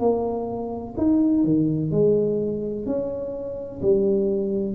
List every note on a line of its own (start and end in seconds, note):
0.00 0.95 A#3
0.97 1.45 D#4
1.45 1.91 D#3
1.91 2.86 G#3
2.86 3.81 C#4
3.82 4.75 G3